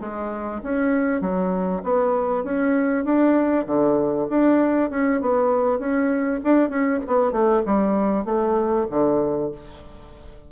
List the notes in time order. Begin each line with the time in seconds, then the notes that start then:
0.00 G#3
0.63 C#4
1.21 F#3
1.83 B3
2.43 C#4
3.04 D4
3.66 D3
4.29 D4
4.90 C#4
5.21 B3
5.79 C#4
6.43 D4
6.69 C#4
7.07 B3
7.31 A3
7.66 G3
8.25 A3
8.90 D3